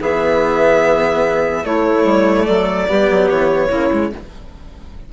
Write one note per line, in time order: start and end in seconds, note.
0.00 1.65 E3
0.00 1.63 B3
0.00 1.64 G#4
0.00 1.65 E5
1.63 2.87 A3
1.63 2.04 A3
1.63 2.45 E4
1.63 2.46 C#5
2.04 2.45 G3
2.45 2.89 F#3
2.45 2.86 A4
2.45 3.28 D5
2.87 3.10 G3
2.87 3.70 B3
2.87 3.68 G4
3.10 3.30 F#3
3.30 3.70 E3
3.30 4.12 C#5
3.68 4.11 C#3
3.68 3.90 A#3
3.68 4.09 E4
3.92 4.12 G#3